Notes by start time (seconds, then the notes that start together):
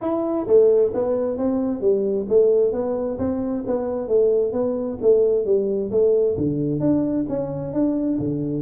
0.01 E4
0.47 A3
0.94 B3
1.37 C4
1.80 G3
2.28 A3
2.72 B3
3.18 C4
3.66 B3
4.08 A3
4.52 B3
5.01 A3
5.45 G3
5.91 A3
6.37 D3
6.80 D4
7.28 C#4
7.73 D4
8.19 D3